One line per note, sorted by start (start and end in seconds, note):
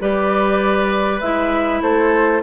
0.00 1.21 G3
0.00 1.21 G4
0.00 1.82 B4
0.00 1.21 D5
1.21 1.81 G#3
1.21 2.42 E4
1.21 1.81 E5
1.82 2.42 A3
1.82 2.42 A4
1.82 2.42 C5